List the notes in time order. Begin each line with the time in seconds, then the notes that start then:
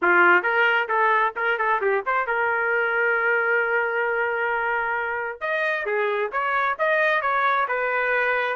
0.02 F4
0.43 A#4
0.88 A4
1.35 A#4
1.58 A4
1.81 G4
2.05 C5
2.26 A#4
5.40 D#5
5.85 G#4
6.32 C#5
6.79 D#5
7.21 C#5
7.68 B4